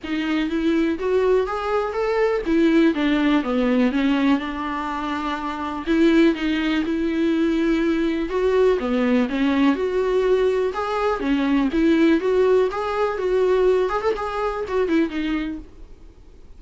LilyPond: \new Staff \with { instrumentName = "viola" } { \time 4/4 \tempo 4 = 123 dis'4 e'4 fis'4 gis'4 | a'4 e'4 d'4 b4 | cis'4 d'2. | e'4 dis'4 e'2~ |
e'4 fis'4 b4 cis'4 | fis'2 gis'4 cis'4 | e'4 fis'4 gis'4 fis'4~ | fis'8 gis'16 a'16 gis'4 fis'8 e'8 dis'4 | }